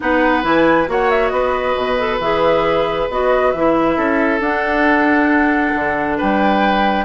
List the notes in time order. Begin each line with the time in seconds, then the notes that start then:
0.00 B3 D#4 B4 F#5
0.43 E3 E4 G#5
0.86 A#3 F#4 C#5 F#5
1.10 E5
1.28 B3 B4 D#5
1.75 B2
1.98 A4
2.19 E3 G#4 E5
3.09 B3 F#4 D#5
3.51 E3 E4 E5
3.97 C#4 A4
4.40 D4 F#5
5.75 D3
6.17 G3 B4 G5